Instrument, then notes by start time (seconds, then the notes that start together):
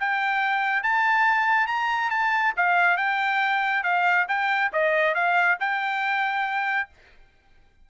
trumpet
0.00 G5
0.83 A5
1.67 A#5
2.10 A5
2.57 F5
2.97 G5
3.83 F5
4.28 G5
4.72 D#5
5.15 F5
5.60 G5